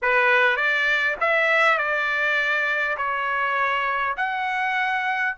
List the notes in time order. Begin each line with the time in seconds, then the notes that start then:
0.01 B4
0.56 D5
1.20 E5
1.78 D5
2.97 C#5
4.16 F#5